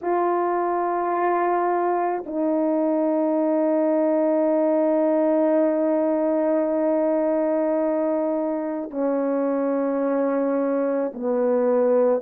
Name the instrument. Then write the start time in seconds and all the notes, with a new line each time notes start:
horn
0.02 F4
2.25 D#4
8.90 C#4
11.14 B3